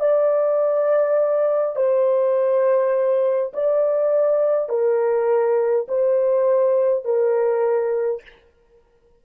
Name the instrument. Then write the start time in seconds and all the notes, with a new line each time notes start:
horn
0.00 D5
1.76 C5
3.53 D5
4.69 A#4
5.88 C5
7.04 A#4